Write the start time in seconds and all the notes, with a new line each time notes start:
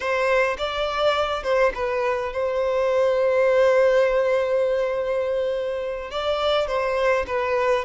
0.00 C5
0.57 D5
1.43 C5
1.74 B4
2.32 C5
6.11 D5
6.67 C5
7.27 B4